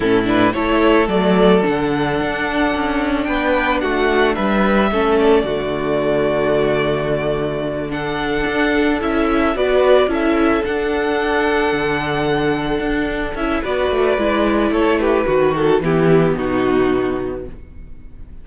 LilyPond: <<
  \new Staff \with { instrumentName = "violin" } { \time 4/4 \tempo 4 = 110 a'8 b'8 cis''4 d''4 fis''4~ | fis''2 g''4 fis''4 | e''4. d''2~ d''8~ | d''2~ d''8 fis''4.~ |
fis''8 e''4 d''4 e''4 fis''8~ | fis''1~ | fis''8 e''8 d''2 cis''8 b'8~ | b'8 a'8 g'4 fis'2 | }
  \new Staff \with { instrumentName = "violin" } { \time 4/4 e'4 a'2.~ | a'2 b'4 fis'4 | b'4 a'4 fis'2~ | fis'2~ fis'8 a'4.~ |
a'4. b'4 a'4.~ | a'1~ | a'4 b'2 a'8 g'8 | fis'4 e'4 dis'2 | }
  \new Staff \with { instrumentName = "viola" } { \time 4/4 cis'8 d'8 e'4 a4 d'4~ | d'1~ | d'4 cis'4 a2~ | a2~ a8 d'4.~ |
d'8 e'4 fis'4 e'4 d'8~ | d'1~ | d'8 e'8 fis'4 e'2 | fis'4 b2. | }
  \new Staff \with { instrumentName = "cello" } { \time 4/4 a,4 a4 fis4 d4 | d'4 cis'4 b4 a4 | g4 a4 d2~ | d2.~ d8 d'8~ |
d'8 cis'4 b4 cis'4 d'8~ | d'4. d2 d'8~ | d'8 cis'8 b8 a8 gis4 a4 | dis4 e4 b,2 | }
>>